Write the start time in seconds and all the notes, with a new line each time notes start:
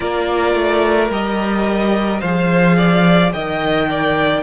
0.00 A#3 F4 A#4 D5
0.54 A3
1.10 G3 G4 D#5
2.20 F3 G#4 C5 F5
2.77 D5
3.32 D#3 A#4 D#5 G5
3.89 D5